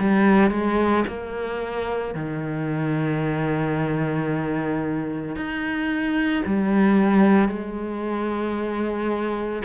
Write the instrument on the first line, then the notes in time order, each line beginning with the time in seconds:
cello
0.00 G3
0.51 G#3
1.08 A#3
2.15 D#3
5.36 D#4
6.46 G3
7.49 G#3